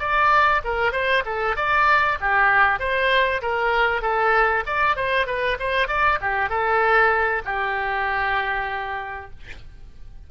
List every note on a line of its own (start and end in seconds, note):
0.00 0.62 D5
0.65 0.93 A#4
0.93 1.24 C5
1.26 1.57 A4
1.57 2.19 D5
2.21 2.80 G4
2.80 3.42 C5
3.42 4.02 A#4
4.02 4.64 A4
4.67 4.97 D5
4.97 5.27 C5
5.27 5.58 B4
5.60 5.88 C5
5.88 6.19 D5
6.22 6.50 G4
6.50 7.43 A4
7.45 9.31 G4